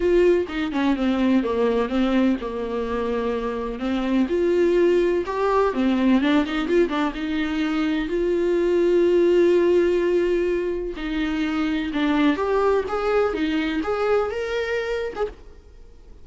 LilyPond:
\new Staff \with { instrumentName = "viola" } { \time 4/4 \tempo 4 = 126 f'4 dis'8 cis'8 c'4 ais4 | c'4 ais2. | c'4 f'2 g'4 | c'4 d'8 dis'8 f'8 d'8 dis'4~ |
dis'4 f'2.~ | f'2. dis'4~ | dis'4 d'4 g'4 gis'4 | dis'4 gis'4 ais'4.~ ais'16 gis'16 | }